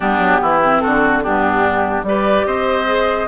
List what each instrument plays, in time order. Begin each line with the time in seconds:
0.00 bassoon G3, clarinet B3, oboe D4, flute G4
0.18 bassoon F#3
0.42 bassoon E3, oboe E4
0.62 clarinet C4
0.79 oboe F#4, flute A4
0.85 bassoon D3
1.22 bassoon G2, clarinet B3, oboe D4, flute G4
2.03 bassoon G3, clarinet G4, oboe B4, flute D5
2.46 bassoon C4, oboe C5, flute D#5
2.86 clarinet G#4